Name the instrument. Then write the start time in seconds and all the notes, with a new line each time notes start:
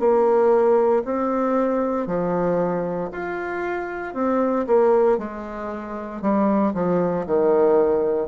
bassoon
0.00 A#3
1.05 C4
2.07 F3
3.12 F4
4.15 C4
4.67 A#3
5.19 G#3
6.22 G3
6.74 F3
7.27 D#3